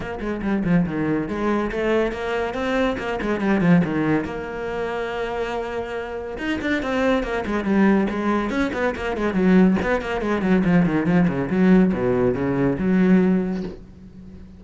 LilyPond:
\new Staff \with { instrumentName = "cello" } { \time 4/4 \tempo 4 = 141 ais8 gis8 g8 f8 dis4 gis4 | a4 ais4 c'4 ais8 gis8 | g8 f8 dis4 ais2~ | ais2. dis'8 d'8 |
c'4 ais8 gis8 g4 gis4 | cis'8 b8 ais8 gis8 fis4 b8 ais8 | gis8 fis8 f8 dis8 f8 cis8 fis4 | b,4 cis4 fis2 | }